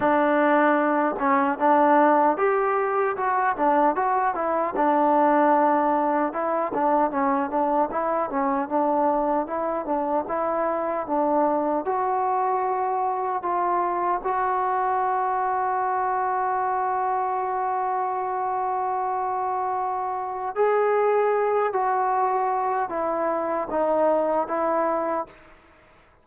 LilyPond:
\new Staff \with { instrumentName = "trombone" } { \time 4/4 \tempo 4 = 76 d'4. cis'8 d'4 g'4 | fis'8 d'8 fis'8 e'8 d'2 | e'8 d'8 cis'8 d'8 e'8 cis'8 d'4 | e'8 d'8 e'4 d'4 fis'4~ |
fis'4 f'4 fis'2~ | fis'1~ | fis'2 gis'4. fis'8~ | fis'4 e'4 dis'4 e'4 | }